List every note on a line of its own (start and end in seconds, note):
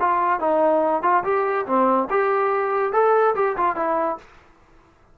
0.00 0.40 F4
0.40 1.03 D#4
1.03 1.24 F4
1.24 1.66 G4
1.66 2.08 C4
2.10 2.93 G4
2.93 3.35 A4
3.35 3.56 G4
3.57 3.76 F4
3.76 4.18 E4